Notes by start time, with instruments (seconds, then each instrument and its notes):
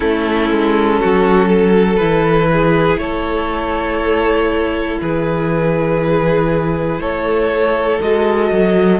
0.00 cello A3, viola C#4, violin E4 A4
0.50 cello G#3
1.00 cello F#3, violin F#4
1.48 violin A4
1.96 cello E3, viola E4, violin B4
2.52 violin G#4
2.96 cello A3, violin A4 C#5
5.01 cello E3, violin G#4 B4
6.99 cello A3, violin A4 C#5
8.00 cello G#3, viola F#4, violin D#5
8.52 cello F#3